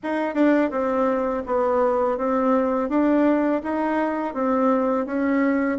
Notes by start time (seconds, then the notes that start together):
0.03 D#4
0.34 D4
0.70 C4
1.46 B3
2.17 C4
2.89 D4
3.63 D#4
4.33 C4
5.06 C#4